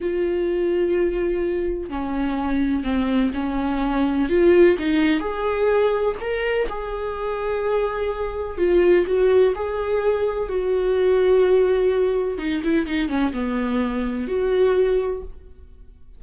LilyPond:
\new Staff \with { instrumentName = "viola" } { \time 4/4 \tempo 4 = 126 f'1 | cis'2 c'4 cis'4~ | cis'4 f'4 dis'4 gis'4~ | gis'4 ais'4 gis'2~ |
gis'2 f'4 fis'4 | gis'2 fis'2~ | fis'2 dis'8 e'8 dis'8 cis'8 | b2 fis'2 | }